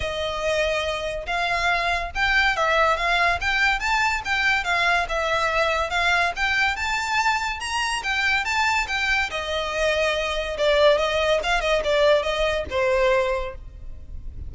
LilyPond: \new Staff \with { instrumentName = "violin" } { \time 4/4 \tempo 4 = 142 dis''2. f''4~ | f''4 g''4 e''4 f''4 | g''4 a''4 g''4 f''4 | e''2 f''4 g''4 |
a''2 ais''4 g''4 | a''4 g''4 dis''2~ | dis''4 d''4 dis''4 f''8 dis''8 | d''4 dis''4 c''2 | }